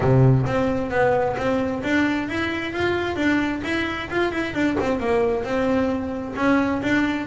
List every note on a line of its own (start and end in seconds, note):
0.00 0.45 C3
0.45 0.90 C4
0.90 1.36 B3
1.37 1.82 C4
1.83 2.29 D4
2.29 2.72 E4
2.72 3.15 F4
3.15 3.61 D4
3.63 4.09 E4
4.10 4.31 F4
4.31 4.54 E4
4.54 4.76 D4
4.80 4.99 C4
4.99 5.44 A#3
5.44 6.35 C4
6.36 6.81 C#4
6.82 7.27 D4